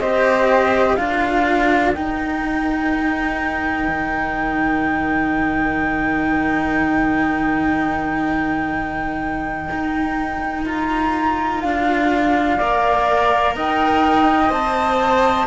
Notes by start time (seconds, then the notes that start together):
0.00 C4 G4 C5 D#5
0.96 D4 F4 A#4 F5
1.95 D#4 G5
3.89 D#3
9.72 D#4
10.66 F4 A#5
11.62 D4 F5
12.57 A#3 A#4 D5
13.55 D#4 D#5 G5
14.50 C4 C5 A5